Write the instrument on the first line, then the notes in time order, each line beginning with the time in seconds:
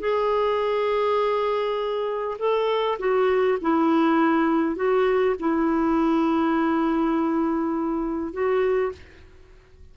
clarinet
0.00 G#4
2.39 A4
2.99 F#4
3.62 E4
4.76 F#4
5.40 E4
8.33 F#4